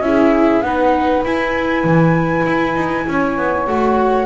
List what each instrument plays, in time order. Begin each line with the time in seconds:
0.00 double bass C#4, viola E4, saxophone G#4, flute E5
0.61 double bass B3, viola D#4, saxophone B4, flute F#5
1.24 viola E4, double bass E4, flute G#5
1.83 double bass E3
2.46 double bass E4
2.75 double bass D#4
3.07 double bass C#4, saxophone C#5
3.37 double bass B3
3.66 double bass A3, viola F#4, flute F#5